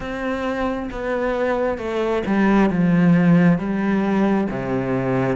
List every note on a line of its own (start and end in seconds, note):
0.00 0.89 C4
0.91 1.77 B3
1.77 2.22 A3
2.26 2.70 G3
2.70 3.58 F3
3.58 4.47 G3
4.49 5.36 C3